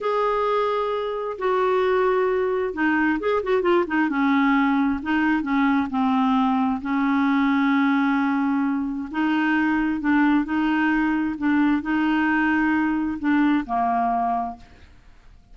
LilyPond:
\new Staff \with { instrumentName = "clarinet" } { \time 4/4 \tempo 4 = 132 gis'2. fis'4~ | fis'2 dis'4 gis'8 fis'8 | f'8 dis'8 cis'2 dis'4 | cis'4 c'2 cis'4~ |
cis'1 | dis'2 d'4 dis'4~ | dis'4 d'4 dis'2~ | dis'4 d'4 ais2 | }